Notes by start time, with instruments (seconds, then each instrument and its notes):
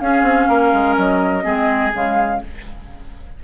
0.00 bassoon C#4, clarinet C#4, oboe G#4, flute F5
0.22 bassoon C4
0.48 bassoon A#3, oboe A#4
0.73 bassoon G#3
0.97 bassoon F#3, flute D#5
1.43 bassoon G#3, clarinet C4, oboe G#4
1.92 bassoon C#3, clarinet G#3, flute F5